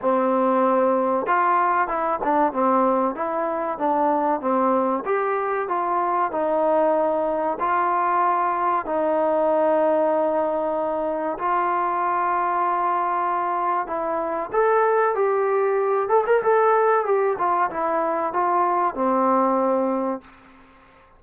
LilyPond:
\new Staff \with { instrumentName = "trombone" } { \time 4/4 \tempo 4 = 95 c'2 f'4 e'8 d'8 | c'4 e'4 d'4 c'4 | g'4 f'4 dis'2 | f'2 dis'2~ |
dis'2 f'2~ | f'2 e'4 a'4 | g'4. a'16 ais'16 a'4 g'8 f'8 | e'4 f'4 c'2 | }